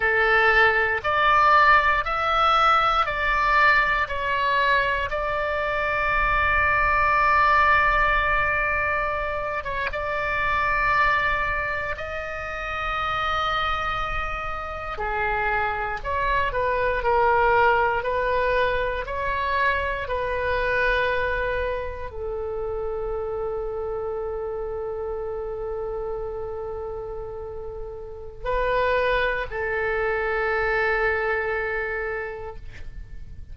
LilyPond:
\new Staff \with { instrumentName = "oboe" } { \time 4/4 \tempo 4 = 59 a'4 d''4 e''4 d''4 | cis''4 d''2.~ | d''4. cis''16 d''2 dis''16~ | dis''2~ dis''8. gis'4 cis''16~ |
cis''16 b'8 ais'4 b'4 cis''4 b'16~ | b'4.~ b'16 a'2~ a'16~ | a'1 | b'4 a'2. | }